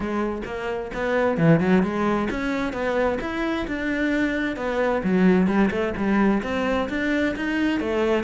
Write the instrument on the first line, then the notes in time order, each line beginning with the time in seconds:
cello
0.00 G#3
0.45 A#3
0.94 B3
1.37 E3
1.59 F#3
1.82 G#3
2.30 C#4
2.72 B3
3.20 E4
3.67 D4
4.56 B3
5.03 F#3
5.47 G3
5.70 A3
5.96 G3
6.42 C4
6.89 D4
7.36 D#4
7.80 A3